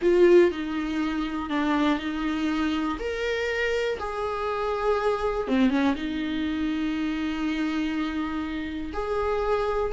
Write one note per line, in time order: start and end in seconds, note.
0.01 0.51 F4
0.51 1.49 D#4
1.49 1.98 D4
1.98 2.98 D#4
2.99 3.98 A#4
3.99 5.47 G#4
5.47 5.70 C4
5.70 5.94 C#4
5.95 8.92 D#4
8.93 9.92 G#4